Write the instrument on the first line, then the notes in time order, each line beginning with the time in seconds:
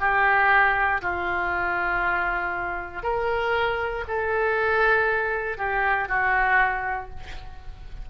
oboe
0.00 G4
1.02 F4
3.03 A#4
4.08 A4
5.58 G4
6.09 F#4